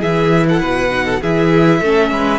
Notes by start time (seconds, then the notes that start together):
0.00 E3 E4 G#4 E5
0.49 A4 F#5
0.60 B2 B4
0.90 D#4
1.06 A4
1.21 E3 E4 G#4 E5
1.80 A3 C#4 A4
2.11 G#3 B4